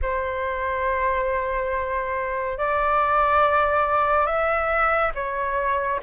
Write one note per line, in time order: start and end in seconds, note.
0.02 2.58 C5
2.58 4.26 D5
4.26 5.12 E5
5.14 6.00 C#5